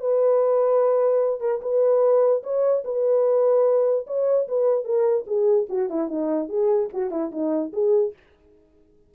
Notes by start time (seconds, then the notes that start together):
0.00 B4
1.40 A#4
1.61 B4
2.43 C#5
2.85 B4
4.07 C#5
4.48 B4
4.84 A#4
5.27 G#4
5.69 F#4
5.90 E4
6.09 D#4
6.49 G#4
6.93 F#4
7.11 E4
7.32 D#4
7.73 G#4